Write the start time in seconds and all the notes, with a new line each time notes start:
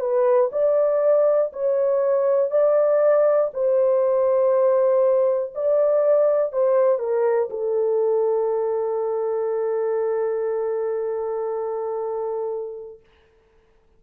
0.00 B4
0.52 D5
1.53 C#5
2.51 D5
3.53 C5
5.55 D5
6.52 C5
6.99 A#4
7.50 A4